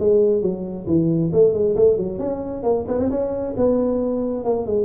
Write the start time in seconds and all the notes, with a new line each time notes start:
0.00 G#3
0.42 F#3
0.87 E3
1.33 A3
1.54 G#3
1.76 A3
1.97 F#3
2.19 C#4
2.63 A#3
2.88 B3
2.99 C4
3.11 C#4
3.57 B3
4.45 A#3
4.67 G#3